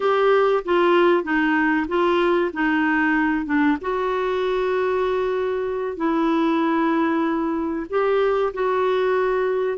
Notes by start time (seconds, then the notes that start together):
0.00 G4
0.64 F4
1.23 D#4
1.88 F4
2.53 D#4
3.45 D4
3.81 F#4
5.97 E4
7.89 G4
8.53 F#4